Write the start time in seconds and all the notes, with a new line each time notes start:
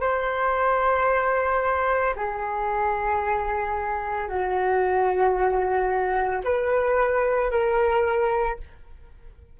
0.00 C5
2.16 G#4
4.28 F#4
6.44 B4
7.50 A#4